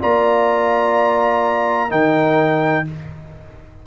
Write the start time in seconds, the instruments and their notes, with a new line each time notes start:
0.00 tuba A#3, trombone F4, horn D5, trumpet A#5
1.90 tuba D#3, trombone D#4, horn A#4, trumpet G5